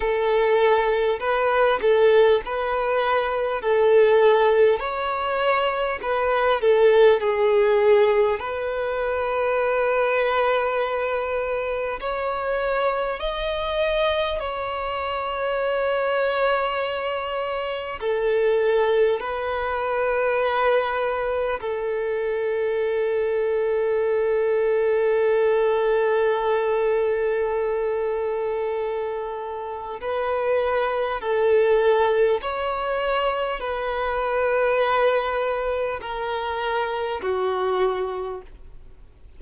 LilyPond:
\new Staff \with { instrumentName = "violin" } { \time 4/4 \tempo 4 = 50 a'4 b'8 a'8 b'4 a'4 | cis''4 b'8 a'8 gis'4 b'4~ | b'2 cis''4 dis''4 | cis''2. a'4 |
b'2 a'2~ | a'1~ | a'4 b'4 a'4 cis''4 | b'2 ais'4 fis'4 | }